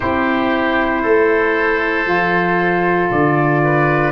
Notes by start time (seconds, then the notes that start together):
0.00 C4 E4 G4 C5
1.02 A3 A4
2.04 F3 F4
3.11 D3 D5
3.64 B4